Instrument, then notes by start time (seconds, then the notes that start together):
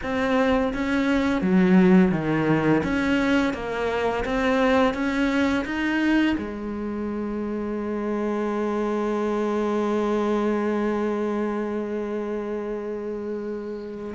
cello
0.02 C4
0.73 C#4
1.41 F#3
2.11 D#3
2.83 C#4
3.53 A#3
4.24 C4
4.94 C#4
5.65 D#4
6.38 G#3